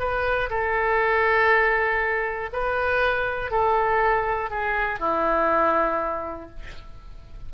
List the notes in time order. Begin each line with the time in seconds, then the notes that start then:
0.00 B4
0.50 A4
2.53 B4
3.52 A4
4.50 G#4
5.00 E4